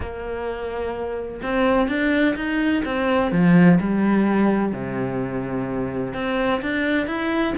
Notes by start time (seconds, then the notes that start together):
0.00 A#3
1.42 C4
1.88 D4
2.35 D#4
2.85 C4
3.31 F3
3.80 G3
4.72 C3
6.13 C4
6.62 D4
7.06 E4